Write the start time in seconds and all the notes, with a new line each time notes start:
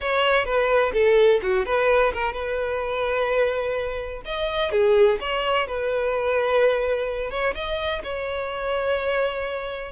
0.01 C#5
0.45 B4
0.93 A4
1.42 F#4
1.65 B4
2.13 A#4
2.33 B4
4.25 D#5
4.71 G#4
5.20 C#5
5.67 B4
7.30 C#5
7.54 D#5
8.03 C#5